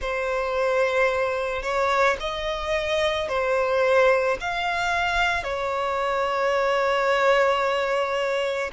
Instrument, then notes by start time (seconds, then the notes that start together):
violin
0.01 C5
1.62 C#5
2.20 D#5
3.28 C5
4.40 F5
5.43 C#5